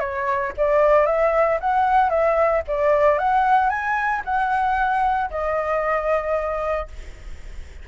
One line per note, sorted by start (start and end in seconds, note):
0.00 0.53 C#5
0.57 1.06 D5
1.06 1.59 E5
1.61 2.10 F#5
2.10 2.62 E5
2.68 3.18 D5
3.18 3.70 F#5
3.70 4.22 G#5
4.25 5.30 F#5
5.30 6.88 D#5